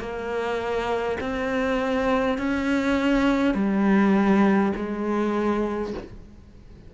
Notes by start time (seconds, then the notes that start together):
0.00 A#3
1.21 C4
2.39 C#4
3.55 G3
4.76 G#3